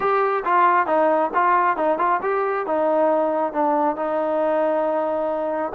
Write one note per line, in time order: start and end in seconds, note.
0.00 0.43 G4
0.45 0.86 F4
0.86 1.30 D#4
1.34 1.76 F4
1.76 1.98 D#4
1.98 2.20 F4
2.22 2.66 G4
2.66 3.52 D#4
3.52 3.96 D4
3.96 5.72 D#4